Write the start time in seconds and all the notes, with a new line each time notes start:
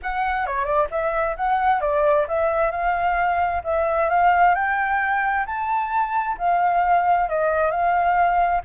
0.02 F#5
0.46 C#5
0.64 D5
0.90 E5
1.36 F#5
1.81 D5
2.27 E5
2.71 F5
3.64 E5
4.09 F5
4.55 G5
5.45 A5
6.38 F5
7.29 D#5
7.70 F5